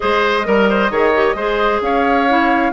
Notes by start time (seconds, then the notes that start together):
0.00 G#3 G#4 C5 D#5
0.45 G3 A#4
0.69 C5
0.90 D#3 G#4 C#5
1.14 G4
1.34 G#3 G#4 C5
1.81 C#4 C#5 F5
2.28 E4